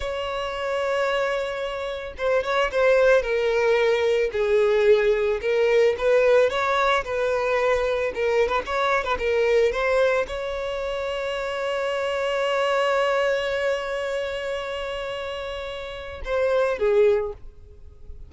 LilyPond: \new Staff \with { instrumentName = "violin" } { \time 4/4 \tempo 4 = 111 cis''1 | c''8 cis''8 c''4 ais'2 | gis'2 ais'4 b'4 | cis''4 b'2 ais'8. b'16 |
cis''8. b'16 ais'4 c''4 cis''4~ | cis''1~ | cis''1~ | cis''2 c''4 gis'4 | }